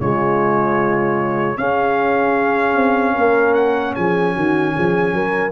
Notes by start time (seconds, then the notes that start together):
0.00 C#3 G#3 F4 C#5
1.57 C#4 G#4 F5
2.76 C4
3.14 A#3 A#4
3.54 F#5
3.95 F3 G#4 G#5
4.33 D#3 F#4
4.75 F3 G#4
5.13 F#3 A#4